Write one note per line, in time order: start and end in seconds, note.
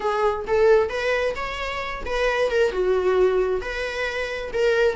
0.00 0.45 G#4
0.47 0.89 A4
0.89 1.34 B4
1.35 2.03 C#5
2.05 2.50 B4
2.50 2.71 A#4
2.71 3.61 F#4
3.61 4.51 B4
4.53 4.96 A#4